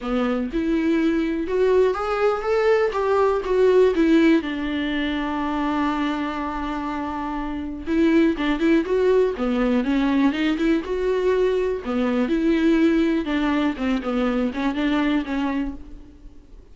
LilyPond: \new Staff \with { instrumentName = "viola" } { \time 4/4 \tempo 4 = 122 b4 e'2 fis'4 | gis'4 a'4 g'4 fis'4 | e'4 d'2.~ | d'1 |
e'4 d'8 e'8 fis'4 b4 | cis'4 dis'8 e'8 fis'2 | b4 e'2 d'4 | c'8 b4 cis'8 d'4 cis'4 | }